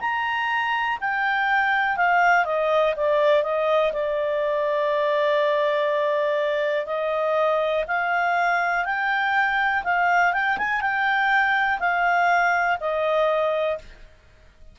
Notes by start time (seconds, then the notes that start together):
0.00 A#5
1.01 G5
1.97 F5
2.45 D#5
2.96 D5
3.43 D#5
3.93 D5
6.86 D#5
7.87 F5
8.85 G5
9.84 F5
10.33 G5
10.58 G#5
10.81 G5
11.79 F5
12.80 D#5